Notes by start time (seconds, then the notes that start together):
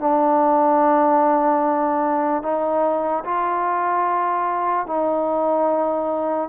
0.00 D4
2.43 D#4
3.25 F4
4.86 D#4